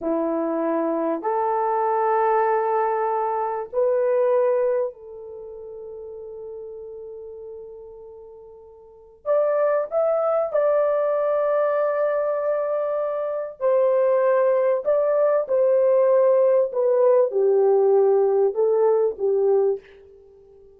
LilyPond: \new Staff \with { instrumentName = "horn" } { \time 4/4 \tempo 4 = 97 e'2 a'2~ | a'2 b'2 | a'1~ | a'2. d''4 |
e''4 d''2.~ | d''2 c''2 | d''4 c''2 b'4 | g'2 a'4 g'4 | }